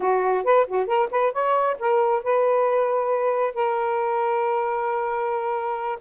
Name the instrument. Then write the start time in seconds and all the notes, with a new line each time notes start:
saxophone
0.00 F#4
0.44 B4
0.67 F#4
0.86 A#4
1.10 B4
1.32 C#5
1.79 A#4
2.23 B4
3.54 A#4